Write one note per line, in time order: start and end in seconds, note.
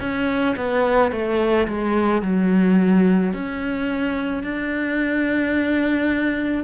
0.00 0.56 C#4
0.57 1.12 B3
1.12 1.67 A3
1.68 2.22 G#3
2.22 3.33 F#3
3.33 4.43 C#4
4.43 6.64 D4